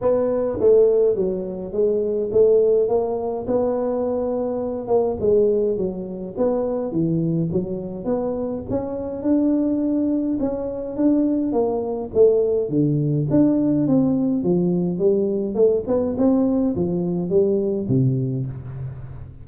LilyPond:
\new Staff \with { instrumentName = "tuba" } { \time 4/4 \tempo 4 = 104 b4 a4 fis4 gis4 | a4 ais4 b2~ | b8 ais8 gis4 fis4 b4 | e4 fis4 b4 cis'4 |
d'2 cis'4 d'4 | ais4 a4 d4 d'4 | c'4 f4 g4 a8 b8 | c'4 f4 g4 c4 | }